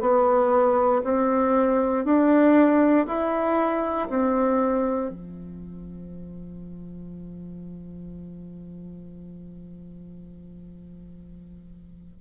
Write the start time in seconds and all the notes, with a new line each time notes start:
0.00 B3
1.04 C4
2.04 D4
3.06 E4
4.09 C4
5.10 F3